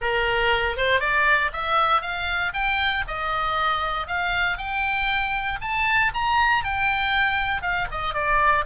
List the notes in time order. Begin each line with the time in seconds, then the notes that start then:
0.01 A#4
0.76 C5
1.00 D5
1.52 E5
2.01 F5
2.53 G5
3.07 D#5
4.07 F5
4.57 G5
5.61 A5
6.14 A#5
6.64 G5
7.61 F5
7.91 D#5
8.14 D5